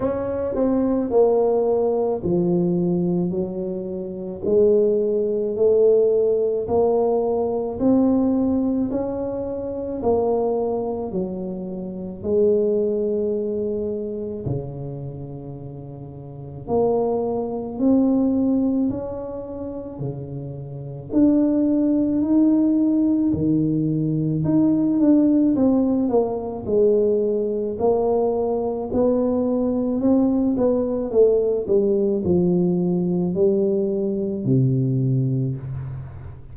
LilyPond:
\new Staff \with { instrumentName = "tuba" } { \time 4/4 \tempo 4 = 54 cis'8 c'8 ais4 f4 fis4 | gis4 a4 ais4 c'4 | cis'4 ais4 fis4 gis4~ | gis4 cis2 ais4 |
c'4 cis'4 cis4 d'4 | dis'4 dis4 dis'8 d'8 c'8 ais8 | gis4 ais4 b4 c'8 b8 | a8 g8 f4 g4 c4 | }